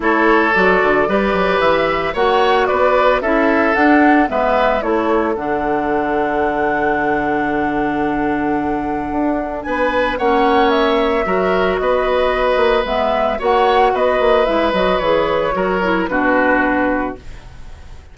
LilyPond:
<<
  \new Staff \with { instrumentName = "flute" } { \time 4/4 \tempo 4 = 112 cis''4 d''2 e''4 | fis''4 d''4 e''4 fis''4 | e''4 cis''4 fis''2~ | fis''1~ |
fis''2 gis''4 fis''4 | e''2 dis''2 | e''4 fis''4 dis''4 e''8 dis''8 | cis''2 b'2 | }
  \new Staff \with { instrumentName = "oboe" } { \time 4/4 a'2 b'2 | cis''4 b'4 a'2 | b'4 a'2.~ | a'1~ |
a'2 b'4 cis''4~ | cis''4 ais'4 b'2~ | b'4 cis''4 b'2~ | b'4 ais'4 fis'2 | }
  \new Staff \with { instrumentName = "clarinet" } { \time 4/4 e'4 fis'4 g'2 | fis'2 e'4 d'4 | b4 e'4 d'2~ | d'1~ |
d'2. cis'4~ | cis'4 fis'2. | b4 fis'2 e'8 fis'8 | gis'4 fis'8 e'8 d'2 | }
  \new Staff \with { instrumentName = "bassoon" } { \time 4/4 a4 fis8 d8 g8 fis8 e4 | ais4 b4 cis'4 d'4 | gis4 a4 d2~ | d1~ |
d4 d'4 b4 ais4~ | ais4 fis4 b4. ais8 | gis4 ais4 b8 ais8 gis8 fis8 | e4 fis4 b,2 | }
>>